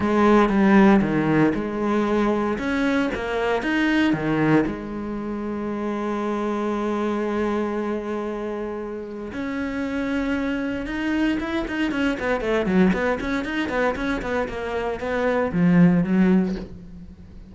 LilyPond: \new Staff \with { instrumentName = "cello" } { \time 4/4 \tempo 4 = 116 gis4 g4 dis4 gis4~ | gis4 cis'4 ais4 dis'4 | dis4 gis2.~ | gis1~ |
gis2 cis'2~ | cis'4 dis'4 e'8 dis'8 cis'8 b8 | a8 fis8 b8 cis'8 dis'8 b8 cis'8 b8 | ais4 b4 f4 fis4 | }